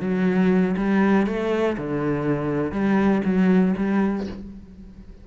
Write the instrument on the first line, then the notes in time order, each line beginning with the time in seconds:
cello
0.00 F#3
0.76 G3
1.26 A3
1.77 D3
2.71 G3
3.24 F#3
3.77 G3